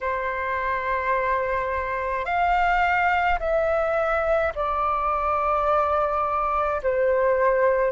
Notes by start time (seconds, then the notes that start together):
0.01 C5
2.25 F5
3.40 E5
4.55 D5
6.82 C5